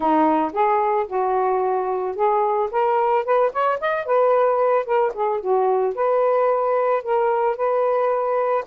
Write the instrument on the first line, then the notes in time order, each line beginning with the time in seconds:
saxophone
0.00 D#4
0.53 G#4
1.07 F#4
2.15 G#4
2.71 A#4
3.24 B4
3.52 C#5
3.80 D#5
4.05 B4
4.85 A#4
5.14 G#4
5.40 F#4
5.95 B4
7.02 A#4
7.56 B4